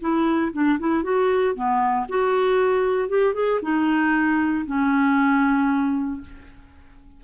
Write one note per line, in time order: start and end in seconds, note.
0.00 0.52 E4
0.53 0.79 D4
0.79 1.03 E4
1.03 1.55 F#4
1.55 2.06 B3
2.09 3.08 F#4
3.08 3.34 G4
3.34 3.60 G#4
3.62 4.65 D#4
4.66 6.21 C#4